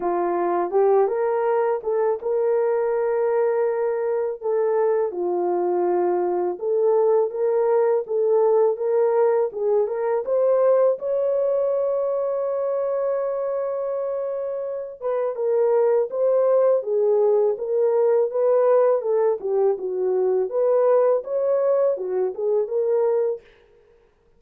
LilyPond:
\new Staff \with { instrumentName = "horn" } { \time 4/4 \tempo 4 = 82 f'4 g'8 ais'4 a'8 ais'4~ | ais'2 a'4 f'4~ | f'4 a'4 ais'4 a'4 | ais'4 gis'8 ais'8 c''4 cis''4~ |
cis''1~ | cis''8 b'8 ais'4 c''4 gis'4 | ais'4 b'4 a'8 g'8 fis'4 | b'4 cis''4 fis'8 gis'8 ais'4 | }